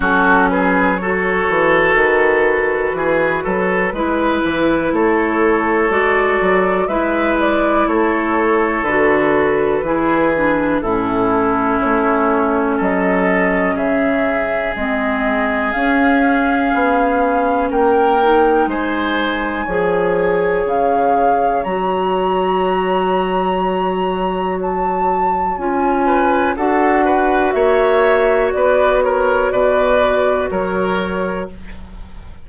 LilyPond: <<
  \new Staff \with { instrumentName = "flute" } { \time 4/4 \tempo 4 = 61 a'8 b'8 cis''4 b'2~ | b'4 cis''4 d''4 e''8 d''8 | cis''4 b'2 a'4 | cis''4 dis''4 e''4 dis''4 |
f''2 g''4 gis''4~ | gis''4 f''4 ais''2~ | ais''4 a''4 gis''4 fis''4 | e''4 d''8 cis''8 d''4 cis''4 | }
  \new Staff \with { instrumentName = "oboe" } { \time 4/4 fis'8 gis'8 a'2 gis'8 a'8 | b'4 a'2 b'4 | a'2 gis'4 e'4~ | e'4 a'4 gis'2~ |
gis'2 ais'4 c''4 | cis''1~ | cis''2~ cis''8 b'8 a'8 b'8 | cis''4 b'8 ais'8 b'4 ais'4 | }
  \new Staff \with { instrumentName = "clarinet" } { \time 4/4 cis'4 fis'2. | e'2 fis'4 e'4~ | e'4 fis'4 e'8 d'8 cis'4~ | cis'2. c'4 |
cis'2~ cis'8 dis'4. | gis'2 fis'2~ | fis'2 f'4 fis'4~ | fis'1 | }
  \new Staff \with { instrumentName = "bassoon" } { \time 4/4 fis4. e8 dis4 e8 fis8 | gis8 e8 a4 gis8 fis8 gis4 | a4 d4 e4 a,4 | a4 fis4 cis4 gis4 |
cis'4 b4 ais4 gis4 | f4 cis4 fis2~ | fis2 cis'4 d'4 | ais4 b4 b,4 fis4 | }
>>